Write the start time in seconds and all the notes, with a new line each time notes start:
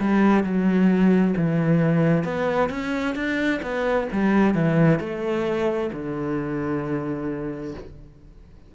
0.00 G3
0.43 F#3
1.37 E3
2.24 B3
2.69 C#4
3.15 D4
3.62 B3
4.12 G3
4.55 E3
5.00 A3
5.93 D3